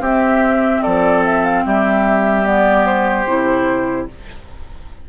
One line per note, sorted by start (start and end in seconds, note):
0.00 0.81 C4
0.00 2.44 C4
0.00 0.82 G4
0.00 0.83 E5
0.83 1.66 F3
0.83 1.64 A4
0.83 1.23 D5
1.25 1.45 E5
1.45 1.65 F5
1.66 3.26 G3
1.66 4.09 G4
1.66 2.47 E5
2.44 3.25 B3
2.44 2.86 D5
2.86 4.08 C5
3.26 4.07 C3
3.26 4.08 E4